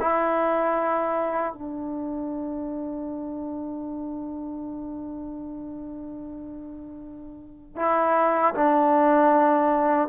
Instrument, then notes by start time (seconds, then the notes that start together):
trombone
0.00 E4
1.53 D4
7.76 E4
8.54 D4